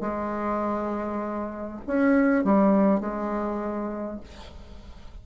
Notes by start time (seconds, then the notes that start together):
0.00 G#3
1.87 C#4
2.44 G3
3.00 G#3